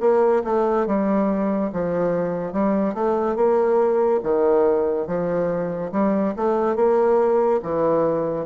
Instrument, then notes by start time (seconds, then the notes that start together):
bassoon
0.00 A#3
0.44 A3
0.86 G3
1.72 F3
2.52 G3
2.94 A3
3.36 A#3
4.23 D#3
5.07 F3
5.92 G3
6.36 A3
6.76 A#3
7.62 E3